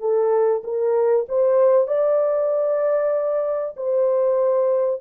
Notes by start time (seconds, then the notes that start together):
0.00 A4
0.64 A#4
1.29 C5
1.88 D5
3.76 C5